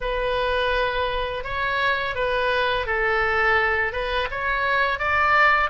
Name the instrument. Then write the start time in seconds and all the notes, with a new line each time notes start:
oboe
0.01 B4
1.44 C#5
2.15 B4
2.86 A4
3.92 B4
4.30 C#5
4.98 D5